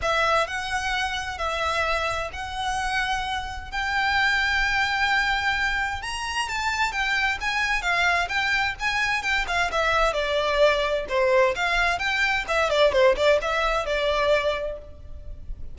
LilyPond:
\new Staff \with { instrumentName = "violin" } { \time 4/4 \tempo 4 = 130 e''4 fis''2 e''4~ | e''4 fis''2. | g''1~ | g''4 ais''4 a''4 g''4 |
gis''4 f''4 g''4 gis''4 | g''8 f''8 e''4 d''2 | c''4 f''4 g''4 e''8 d''8 | c''8 d''8 e''4 d''2 | }